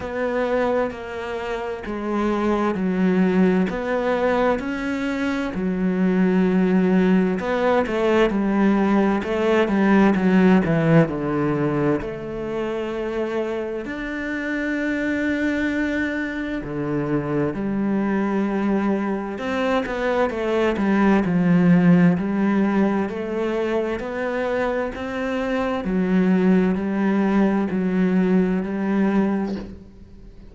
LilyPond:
\new Staff \with { instrumentName = "cello" } { \time 4/4 \tempo 4 = 65 b4 ais4 gis4 fis4 | b4 cis'4 fis2 | b8 a8 g4 a8 g8 fis8 e8 | d4 a2 d'4~ |
d'2 d4 g4~ | g4 c'8 b8 a8 g8 f4 | g4 a4 b4 c'4 | fis4 g4 fis4 g4 | }